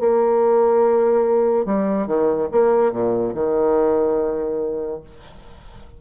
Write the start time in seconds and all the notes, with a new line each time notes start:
0.00 A#3
1.65 G3
2.07 D#3
2.52 A#3
2.92 A#2
3.34 D#3